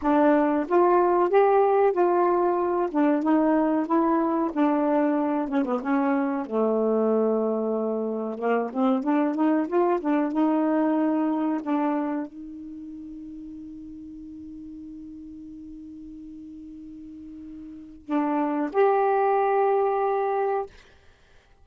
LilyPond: \new Staff \with { instrumentName = "saxophone" } { \time 4/4 \tempo 4 = 93 d'4 f'4 g'4 f'4~ | f'8 d'8 dis'4 e'4 d'4~ | d'8 cis'16 b16 cis'4 a2~ | a4 ais8 c'8 d'8 dis'8 f'8 d'8 |
dis'2 d'4 dis'4~ | dis'1~ | dis'1 | d'4 g'2. | }